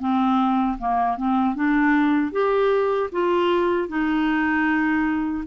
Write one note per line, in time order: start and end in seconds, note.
0.00 0.78 C4
0.79 1.18 A#3
1.18 1.55 C4
1.55 2.32 D4
2.32 3.10 G4
3.12 3.89 F4
3.89 5.45 D#4